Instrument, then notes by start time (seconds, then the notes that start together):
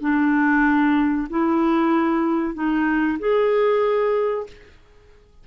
clarinet
0.00 D4
1.29 E4
2.54 D#4
3.19 G#4